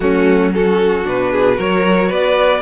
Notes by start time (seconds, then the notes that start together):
0.00 F#3 A3 C#4 F#4
0.53 C#4 F#4 A4
1.03 B2 D4 B4
1.31 G#4
1.55 F#3 F#4 A#4 C#5
2.09 B3 B4 D5